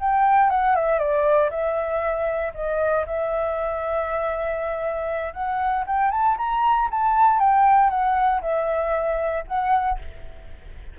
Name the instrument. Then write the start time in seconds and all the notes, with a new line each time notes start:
flute
0.00 G5
0.50 F#5
0.76 E5
0.99 D5
1.51 E5
2.55 D#5
3.07 E5
5.34 F#5
5.87 G5
6.11 A5
6.38 A#5
6.91 A5
7.40 G5
7.90 F#5
8.42 E5
9.48 F#5